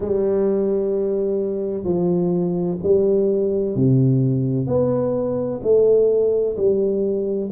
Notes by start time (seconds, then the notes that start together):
0.00 G3
1.84 F3
2.82 G3
3.75 C3
4.66 B3
5.62 A3
6.56 G3